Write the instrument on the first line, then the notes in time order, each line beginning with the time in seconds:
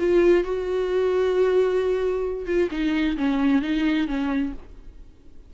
viola
0.00 F4
0.44 F#4
2.47 F4
2.72 D#4
3.17 C#4
3.63 D#4
4.08 C#4